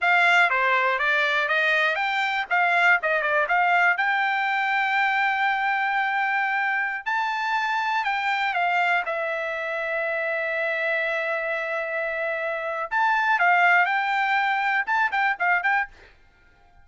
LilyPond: \new Staff \with { instrumentName = "trumpet" } { \time 4/4 \tempo 4 = 121 f''4 c''4 d''4 dis''4 | g''4 f''4 dis''8 d''8 f''4 | g''1~ | g''2~ g''16 a''4.~ a''16~ |
a''16 g''4 f''4 e''4.~ e''16~ | e''1~ | e''2 a''4 f''4 | g''2 a''8 g''8 f''8 g''8 | }